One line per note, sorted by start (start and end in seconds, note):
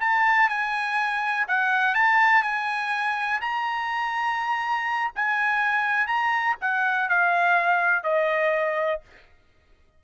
0.00 0.49 A5
0.49 1.46 G#5
1.48 1.94 F#5
1.94 2.43 A5
2.43 3.40 G#5
3.41 5.12 A#5
5.16 6.07 G#5
6.07 6.56 A#5
6.61 7.09 F#5
7.09 8.03 F5
8.03 9.01 D#5